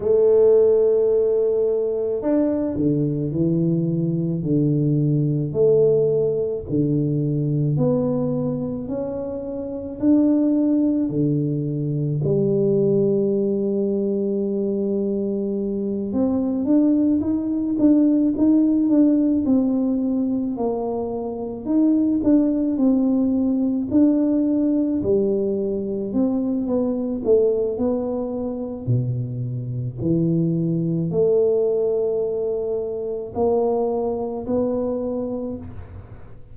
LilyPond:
\new Staff \with { instrumentName = "tuba" } { \time 4/4 \tempo 4 = 54 a2 d'8 d8 e4 | d4 a4 d4 b4 | cis'4 d'4 d4 g4~ | g2~ g8 c'8 d'8 dis'8 |
d'8 dis'8 d'8 c'4 ais4 dis'8 | d'8 c'4 d'4 g4 c'8 | b8 a8 b4 b,4 e4 | a2 ais4 b4 | }